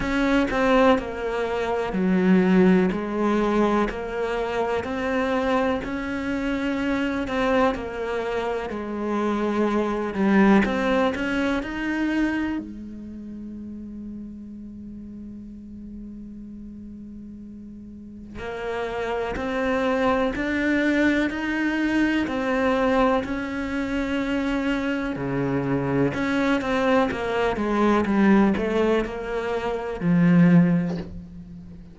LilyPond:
\new Staff \with { instrumentName = "cello" } { \time 4/4 \tempo 4 = 62 cis'8 c'8 ais4 fis4 gis4 | ais4 c'4 cis'4. c'8 | ais4 gis4. g8 c'8 cis'8 | dis'4 gis2.~ |
gis2. ais4 | c'4 d'4 dis'4 c'4 | cis'2 cis4 cis'8 c'8 | ais8 gis8 g8 a8 ais4 f4 | }